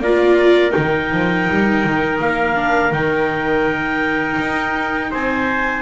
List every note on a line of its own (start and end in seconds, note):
0.00 0.73 A#3
0.00 0.71 F4
0.00 5.11 A#4
0.00 0.72 D5
0.71 2.54 D#4
0.71 2.18 G5
0.77 1.12 D#3
1.12 1.49 F3
1.50 1.84 G3
1.84 2.20 D#3
2.20 2.92 A#3
2.20 2.93 F5
2.55 2.92 D4
2.92 4.38 D#3
2.92 5.82 D#4
2.92 5.13 G5
4.39 5.12 D#4
5.11 5.82 C4
5.11 5.82 C5
5.11 5.82 G#5